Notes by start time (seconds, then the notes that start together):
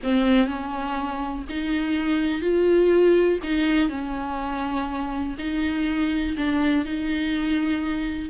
0.03 C4
0.47 C#4
1.49 D#4
2.41 F4
3.43 D#4
3.89 C#4
5.38 D#4
6.37 D4
6.85 D#4